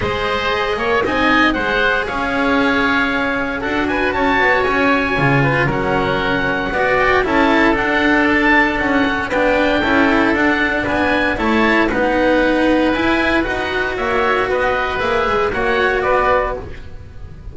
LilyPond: <<
  \new Staff \with { instrumentName = "oboe" } { \time 4/4 \tempo 4 = 116 dis''2 gis''4 fis''4 | f''2. fis''8 gis''8 | a''4 gis''2 fis''4~ | fis''4. g''8 a''4 fis''4 |
a''4 fis''4 g''2 | fis''4 gis''4 a''4 fis''4~ | fis''4 gis''4 fis''4 e''4 | dis''4 e''4 fis''4 d''4 | }
  \new Staff \with { instrumentName = "oboe" } { \time 4/4 c''4. cis''8 dis''4 c''4 | cis''2. a'8 b'8 | cis''2~ cis''8 b'8 ais'4~ | ais'4 d''4 a'2~ |
a'2 b'4 a'4~ | a'4 b'4 cis''4 b'4~ | b'2. cis''4 | b'2 cis''4 b'4 | }
  \new Staff \with { instrumentName = "cello" } { \time 4/4 gis'2 dis'4 gis'4~ | gis'2. fis'4~ | fis'2 f'4 cis'4~ | cis'4 fis'4 e'4 d'4~ |
d'4. cis'8 d'4 e'4 | d'2 e'4 dis'4~ | dis'4 e'4 fis'2~ | fis'4 gis'4 fis'2 | }
  \new Staff \with { instrumentName = "double bass" } { \time 4/4 gis4. ais8 c'4 gis4 | cis'2. d'4 | cis'8 b8 cis'4 cis4 fis4~ | fis4 b4 cis'4 d'4~ |
d'4 cis'4 b4 cis'4 | d'4 b4 a4 b4~ | b4 e'4 dis'4 ais4 | b4 ais8 gis8 ais4 b4 | }
>>